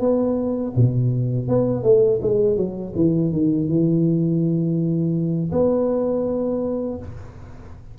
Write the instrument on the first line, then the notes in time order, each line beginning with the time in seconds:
tuba
0.00 B3
0.76 B2
1.48 B3
1.83 A3
2.22 G#3
2.56 F#3
2.95 E3
3.32 D#3
3.68 E3
5.52 B3